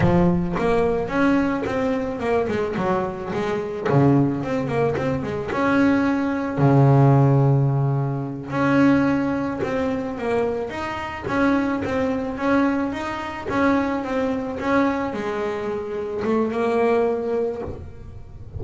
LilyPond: \new Staff \with { instrumentName = "double bass" } { \time 4/4 \tempo 4 = 109 f4 ais4 cis'4 c'4 | ais8 gis8 fis4 gis4 cis4 | c'8 ais8 c'8 gis8 cis'2 | cis2.~ cis8 cis'8~ |
cis'4. c'4 ais4 dis'8~ | dis'8 cis'4 c'4 cis'4 dis'8~ | dis'8 cis'4 c'4 cis'4 gis8~ | gis4. a8 ais2 | }